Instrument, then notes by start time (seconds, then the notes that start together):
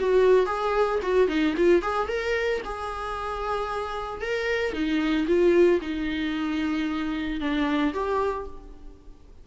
viola
0.00 F#4
0.46 G#4
1.03 F#4
1.29 D#4
1.57 F4
1.82 G#4
2.09 A#4
2.65 G#4
4.22 A#4
4.73 D#4
5.27 F4
5.82 D#4
7.41 D4
7.94 G4